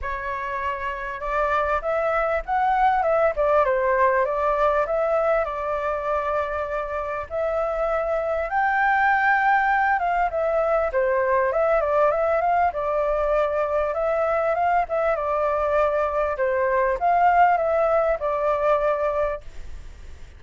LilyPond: \new Staff \with { instrumentName = "flute" } { \time 4/4 \tempo 4 = 99 cis''2 d''4 e''4 | fis''4 e''8 d''8 c''4 d''4 | e''4 d''2. | e''2 g''2~ |
g''8 f''8 e''4 c''4 e''8 d''8 | e''8 f''8 d''2 e''4 | f''8 e''8 d''2 c''4 | f''4 e''4 d''2 | }